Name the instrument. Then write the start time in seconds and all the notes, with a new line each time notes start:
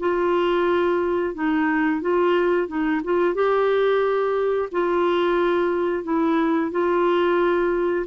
clarinet
0.00 F4
1.35 D#4
2.01 F4
2.68 D#4
3.04 F4
3.35 G4
4.72 F4
6.04 E4
6.71 F4